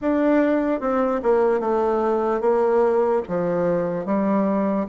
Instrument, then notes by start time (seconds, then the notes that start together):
bassoon
0.01 D4
0.80 C4
1.22 A#3
1.60 A3
2.40 A#3
3.28 F3
4.05 G3